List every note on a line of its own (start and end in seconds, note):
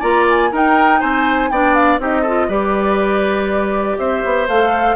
0.00 0.52 A#3
0.00 0.51 F4
0.00 0.50 D5
0.00 0.26 A#5
0.29 0.54 G#5
0.51 1.01 D#4
0.51 1.52 D#4
0.51 1.00 A#4
0.51 1.01 G5
1.00 1.50 C4
1.00 1.50 C5
1.00 1.51 G#5
1.50 1.99 B3
1.50 1.99 D4
1.50 2.01 D5
1.50 1.74 G5
1.74 1.99 F5
1.99 2.48 C4
1.99 2.24 D#4
1.99 2.22 G4
1.99 2.50 D#5
2.22 2.50 F4
2.22 2.46 A4
2.48 3.97 G3
2.48 4.48 G4
2.48 3.97 B4
2.48 3.98 D5
3.98 4.23 C4
3.98 4.96 C5
3.98 4.48 E5
4.24 4.48 B3
4.48 4.96 A3
4.48 4.96 A4
4.48 4.96 F5